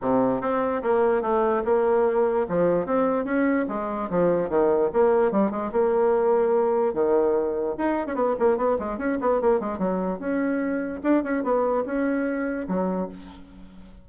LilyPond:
\new Staff \with { instrumentName = "bassoon" } { \time 4/4 \tempo 4 = 147 c4 c'4 ais4 a4 | ais2 f4 c'4 | cis'4 gis4 f4 dis4 | ais4 g8 gis8 ais2~ |
ais4 dis2 dis'8. cis'16 | b8 ais8 b8 gis8 cis'8 b8 ais8 gis8 | fis4 cis'2 d'8 cis'8 | b4 cis'2 fis4 | }